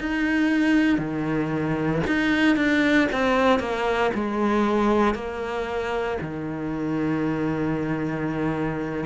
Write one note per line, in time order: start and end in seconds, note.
0.00 0.98 D#4
0.98 2.02 D#3
2.07 2.56 D#4
2.56 3.08 D4
3.12 3.59 C4
3.59 4.11 A#3
4.14 5.14 G#3
5.14 6.18 A#3
6.21 9.06 D#3